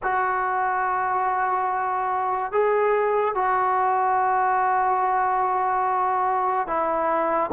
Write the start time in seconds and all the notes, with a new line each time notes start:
0.02 F#4
2.52 G#4
3.34 F#4
6.67 E4